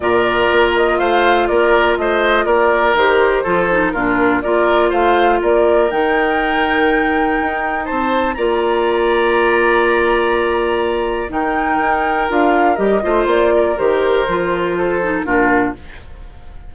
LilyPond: <<
  \new Staff \with { instrumentName = "flute" } { \time 4/4 \tempo 4 = 122 d''4. dis''8 f''4 d''4 | dis''4 d''4 c''2 | ais'4 d''4 f''4 d''4 | g''1 |
a''4 ais''2.~ | ais''2. g''4~ | g''4 f''4 dis''4 d''4 | c''2. ais'4 | }
  \new Staff \with { instrumentName = "oboe" } { \time 4/4 ais'2 c''4 ais'4 | c''4 ais'2 a'4 | f'4 ais'4 c''4 ais'4~ | ais'1 |
c''4 d''2.~ | d''2. ais'4~ | ais'2~ ais'8 c''4 ais'8~ | ais'2 a'4 f'4 | }
  \new Staff \with { instrumentName = "clarinet" } { \time 4/4 f'1~ | f'2 g'4 f'8 dis'8 | d'4 f'2. | dis'1~ |
dis'4 f'2.~ | f'2. dis'4~ | dis'4 f'4 g'8 f'4. | g'4 f'4. dis'8 d'4 | }
  \new Staff \with { instrumentName = "bassoon" } { \time 4/4 ais,4 ais4 a4 ais4 | a4 ais4 dis4 f4 | ais,4 ais4 a4 ais4 | dis2. dis'4 |
c'4 ais2.~ | ais2. dis4 | dis'4 d'4 g8 a8 ais4 | dis4 f2 ais,4 | }
>>